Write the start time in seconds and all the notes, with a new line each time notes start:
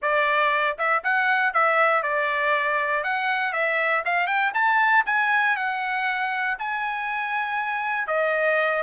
0.02 D5
0.78 E5
1.03 F#5
1.53 E5
2.02 D5
3.03 F#5
3.52 E5
4.05 F5
4.27 G5
4.54 A5
5.06 G#5
5.56 F#5
6.58 G#5
8.07 D#5